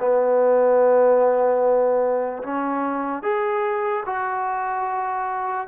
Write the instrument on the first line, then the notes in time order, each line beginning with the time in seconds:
trombone
0.00 B3
2.43 C#4
3.23 G#4
4.07 F#4